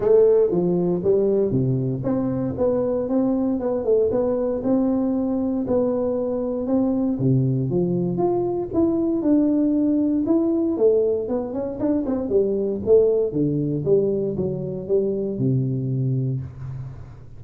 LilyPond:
\new Staff \with { instrumentName = "tuba" } { \time 4/4 \tempo 4 = 117 a4 f4 g4 c4 | c'4 b4 c'4 b8 a8 | b4 c'2 b4~ | b4 c'4 c4 f4 |
f'4 e'4 d'2 | e'4 a4 b8 cis'8 d'8 c'8 | g4 a4 d4 g4 | fis4 g4 c2 | }